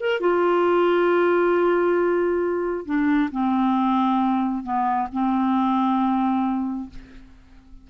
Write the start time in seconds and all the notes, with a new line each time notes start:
0.00 A#4
0.20 F4
2.85 D4
3.31 C4
4.63 B3
5.12 C4